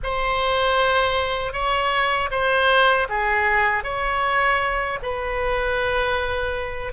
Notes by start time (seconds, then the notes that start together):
0.03 C5
1.52 C#5
2.30 C5
3.09 G#4
3.83 C#5
5.02 B4